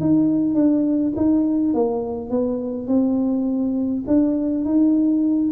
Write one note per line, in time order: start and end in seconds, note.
0.00 0.55 D#4
0.55 1.13 D4
1.16 1.74 D#4
1.74 2.30 A#3
2.30 2.87 B3
2.87 4.04 C4
4.07 4.64 D4
4.64 5.51 D#4